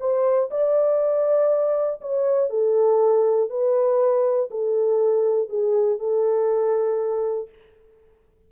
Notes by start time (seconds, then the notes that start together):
0.00 C5
0.51 D5
2.01 C#5
2.50 A4
3.50 B4
4.51 A4
5.49 G#4
5.99 A4